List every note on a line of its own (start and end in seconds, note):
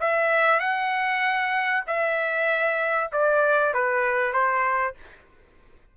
0.00 0.60 E5
0.60 1.84 F#5
1.87 3.10 E5
3.12 3.73 D5
3.73 4.33 B4
4.33 4.95 C5